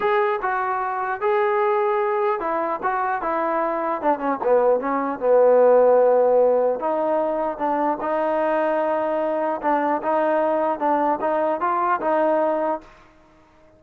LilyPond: \new Staff \with { instrumentName = "trombone" } { \time 4/4 \tempo 4 = 150 gis'4 fis'2 gis'4~ | gis'2 e'4 fis'4 | e'2 d'8 cis'8 b4 | cis'4 b2.~ |
b4 dis'2 d'4 | dis'1 | d'4 dis'2 d'4 | dis'4 f'4 dis'2 | }